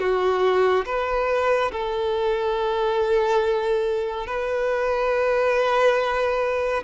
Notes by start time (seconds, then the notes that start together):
0.00 F#4
0.86 B4
1.72 A4
4.27 B4